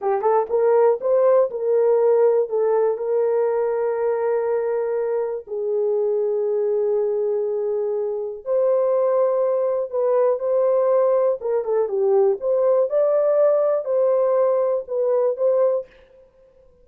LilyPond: \new Staff \with { instrumentName = "horn" } { \time 4/4 \tempo 4 = 121 g'8 a'8 ais'4 c''4 ais'4~ | ais'4 a'4 ais'2~ | ais'2. gis'4~ | gis'1~ |
gis'4 c''2. | b'4 c''2 ais'8 a'8 | g'4 c''4 d''2 | c''2 b'4 c''4 | }